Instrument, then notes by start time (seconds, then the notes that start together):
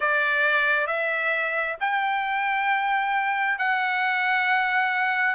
trumpet
0.00 D5
0.86 E5
1.80 G5
3.58 F#5